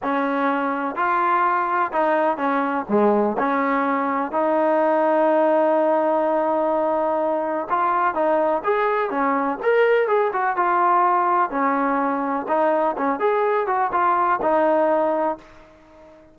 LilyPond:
\new Staff \with { instrumentName = "trombone" } { \time 4/4 \tempo 4 = 125 cis'2 f'2 | dis'4 cis'4 gis4 cis'4~ | cis'4 dis'2.~ | dis'1 |
f'4 dis'4 gis'4 cis'4 | ais'4 gis'8 fis'8 f'2 | cis'2 dis'4 cis'8 gis'8~ | gis'8 fis'8 f'4 dis'2 | }